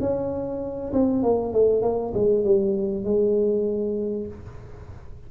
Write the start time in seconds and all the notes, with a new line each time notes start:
0.00 C#4
0.93 C4
1.23 A#3
1.53 A3
1.82 A#3
2.14 G#3
2.44 G3
3.04 G#3